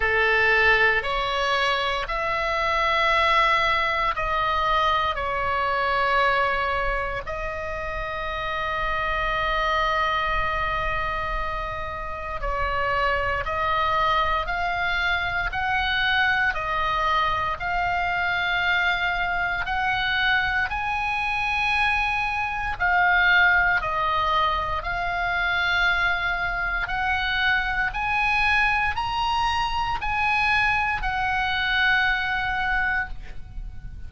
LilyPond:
\new Staff \with { instrumentName = "oboe" } { \time 4/4 \tempo 4 = 58 a'4 cis''4 e''2 | dis''4 cis''2 dis''4~ | dis''1 | cis''4 dis''4 f''4 fis''4 |
dis''4 f''2 fis''4 | gis''2 f''4 dis''4 | f''2 fis''4 gis''4 | ais''4 gis''4 fis''2 | }